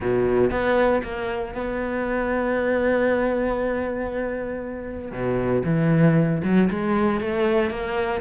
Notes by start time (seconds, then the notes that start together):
0.00 B2
0.50 B3
1.03 A#3
1.54 B3
5.11 B2
5.65 E3
6.43 F#3
6.70 G#3
7.20 A3
7.70 A#3